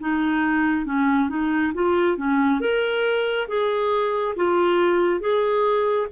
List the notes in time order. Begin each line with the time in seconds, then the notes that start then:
0.00 D#4
0.86 C#4
1.29 D#4
1.74 F4
2.17 C#4
2.60 A#4
3.48 G#4
4.36 F4
5.21 G#4